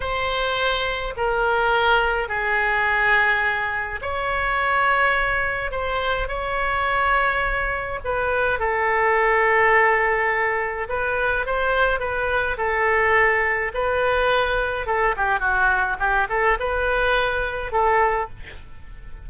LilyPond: \new Staff \with { instrumentName = "oboe" } { \time 4/4 \tempo 4 = 105 c''2 ais'2 | gis'2. cis''4~ | cis''2 c''4 cis''4~ | cis''2 b'4 a'4~ |
a'2. b'4 | c''4 b'4 a'2 | b'2 a'8 g'8 fis'4 | g'8 a'8 b'2 a'4 | }